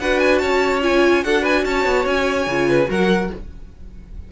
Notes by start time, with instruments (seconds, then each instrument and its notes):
0.00 cello D4, viola F#4, violin B4 F#5
0.19 violin G#5
0.38 cello C#4, violin C#5 A5
0.82 viola F4, violin G#5
1.23 cello D4, viola F#4, violin A4 F#5
1.42 violin B4 G#5
1.64 cello C#4, violin C#5 A5
1.85 cello B3
2.05 cello C#4, violin G#5
2.47 cello C#3, viola F4
2.69 violin B4
2.86 cello F#3, viola F#4, violin A#4 F#5